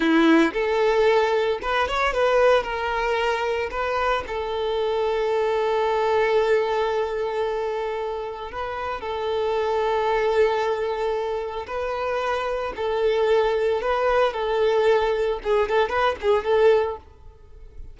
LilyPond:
\new Staff \with { instrumentName = "violin" } { \time 4/4 \tempo 4 = 113 e'4 a'2 b'8 cis''8 | b'4 ais'2 b'4 | a'1~ | a'1 |
b'4 a'2.~ | a'2 b'2 | a'2 b'4 a'4~ | a'4 gis'8 a'8 b'8 gis'8 a'4 | }